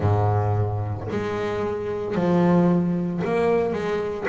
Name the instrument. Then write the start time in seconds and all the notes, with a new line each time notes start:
double bass
0.00 G#2
1.11 G#3
2.15 F3
3.24 A#3
3.73 G#3